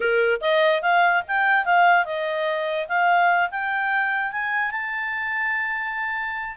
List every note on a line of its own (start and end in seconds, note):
0.00 0.40 A#4
0.40 0.81 D#5
0.82 1.23 F5
1.27 1.65 G5
1.65 2.05 F5
2.05 2.87 D#5
2.88 3.50 F5
3.50 4.32 G5
4.32 4.71 G#5
4.71 6.56 A5